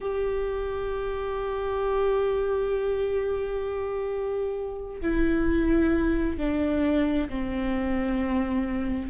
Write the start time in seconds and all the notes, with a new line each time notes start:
0.00 G4
5.01 E4
6.37 D4
7.29 C4